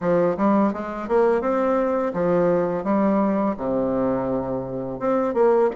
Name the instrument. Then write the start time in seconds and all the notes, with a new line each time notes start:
bassoon
0.00 F3
0.37 G3
0.73 G#3
1.08 A#3
1.41 C4
2.13 F3
2.84 G3
3.57 C3
4.99 C4
5.34 A#3